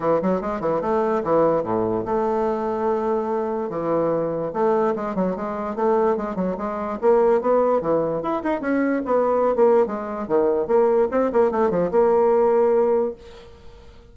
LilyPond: \new Staff \with { instrumentName = "bassoon" } { \time 4/4 \tempo 4 = 146 e8 fis8 gis8 e8 a4 e4 | a,4 a2.~ | a4 e2 a4 | gis8 fis8 gis4 a4 gis8 fis8 |
gis4 ais4 b4 e4 | e'8 dis'8 cis'4 b4~ b16 ais8. | gis4 dis4 ais4 c'8 ais8 | a8 f8 ais2. | }